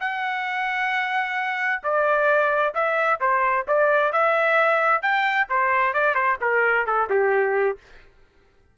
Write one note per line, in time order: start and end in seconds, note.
0.00 1.82 F#5
1.83 2.74 D5
2.74 3.20 E5
3.20 3.66 C5
3.68 4.12 D5
4.12 5.02 E5
5.02 5.47 G5
5.49 5.94 C5
5.94 6.15 D5
6.15 6.37 C5
6.41 6.86 A#4
6.86 7.09 A4
7.10 7.78 G4